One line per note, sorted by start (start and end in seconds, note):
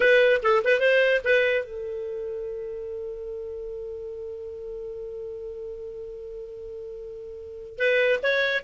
0.00 0.40 B4
0.42 0.63 A4
0.64 0.80 B4
0.80 1.21 C5
1.24 1.64 B4
1.64 7.78 A4
7.78 8.19 B4
8.22 8.64 C#5